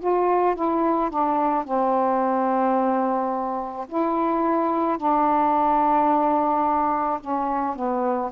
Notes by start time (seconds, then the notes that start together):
0.00 F4
0.55 E4
1.10 D4
1.65 C4
3.88 E4
4.97 D4
7.20 C#4
7.76 B3